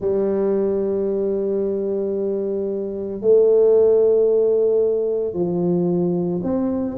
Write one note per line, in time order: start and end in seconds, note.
0.00 3.21 G3
3.21 5.33 A3
5.33 6.40 F3
6.43 6.96 C4